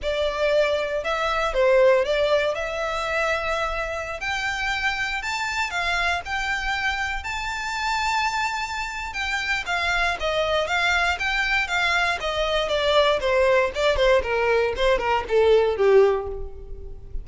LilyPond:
\new Staff \with { instrumentName = "violin" } { \time 4/4 \tempo 4 = 118 d''2 e''4 c''4 | d''4 e''2.~ | e''16 g''2 a''4 f''8.~ | f''16 g''2 a''4.~ a''16~ |
a''2 g''4 f''4 | dis''4 f''4 g''4 f''4 | dis''4 d''4 c''4 d''8 c''8 | ais'4 c''8 ais'8 a'4 g'4 | }